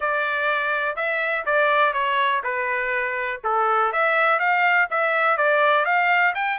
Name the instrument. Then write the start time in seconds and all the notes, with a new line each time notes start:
trumpet
0.00 D5
0.96 E5
1.45 D5
1.93 C#5
2.43 B4
3.44 A4
3.92 E5
4.39 F5
4.90 E5
5.37 D5
5.85 F5
6.34 G5